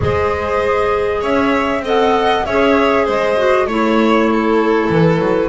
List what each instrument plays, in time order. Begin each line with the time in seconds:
0.00 double bass G#3, clarinet G#4, violin C5, flute D#5
1.20 double bass C#4, violin C#5, flute E5
1.79 double bass C4, clarinet A4, violin D#5
1.87 flute F#5
2.45 double bass C#4, clarinet G#4, violin C#5, flute E5
3.04 double bass G#3, violin C5, flute D#5
3.36 clarinet F#4
3.66 double bass A3, clarinet E4, flute C#5, violin C#5
4.32 violin A4
4.89 double bass E3, flute B4
5.19 double bass F#3